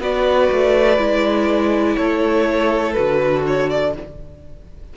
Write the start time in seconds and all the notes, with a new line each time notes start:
0.00 B3 F#4 B4 D5
0.52 A3
0.98 G#3 E4
1.97 A3 A4 C#5
2.93 D3 F#4 B4
3.47 C#5
3.70 D5